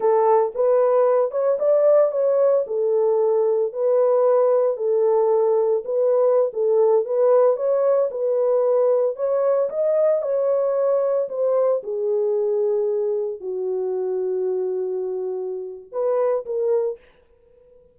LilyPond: \new Staff \with { instrumentName = "horn" } { \time 4/4 \tempo 4 = 113 a'4 b'4. cis''8 d''4 | cis''4 a'2 b'4~ | b'4 a'2 b'4~ | b'16 a'4 b'4 cis''4 b'8.~ |
b'4~ b'16 cis''4 dis''4 cis''8.~ | cis''4~ cis''16 c''4 gis'4.~ gis'16~ | gis'4~ gis'16 fis'2~ fis'8.~ | fis'2 b'4 ais'4 | }